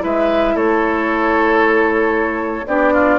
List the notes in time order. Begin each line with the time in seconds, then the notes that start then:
0.00 G#3 E4 B4 E5
0.55 A3 A4 C#5
2.67 B3 D4 G4 D5
2.94 F4